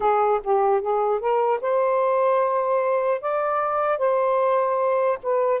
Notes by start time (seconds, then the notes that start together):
0.00 G#4
0.43 G4
0.81 G#4
1.20 A#4
1.61 C5
3.21 D5
3.98 C5
5.22 B4